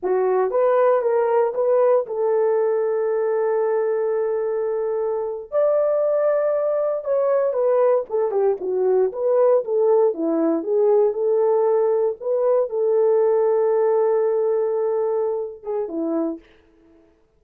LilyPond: \new Staff \with { instrumentName = "horn" } { \time 4/4 \tempo 4 = 117 fis'4 b'4 ais'4 b'4 | a'1~ | a'2~ a'8. d''4~ d''16~ | d''4.~ d''16 cis''4 b'4 a'16~ |
a'16 g'8 fis'4 b'4 a'4 e'16~ | e'8. gis'4 a'2 b'16~ | b'8. a'2.~ a'16~ | a'2~ a'8 gis'8 e'4 | }